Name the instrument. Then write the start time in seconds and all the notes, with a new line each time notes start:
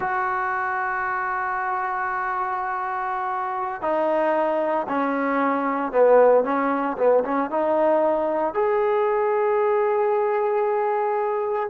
trombone
0.00 F#4
3.81 D#4
4.88 C#4
5.92 B3
6.44 C#4
6.97 B3
7.24 C#4
7.50 D#4
8.54 G#4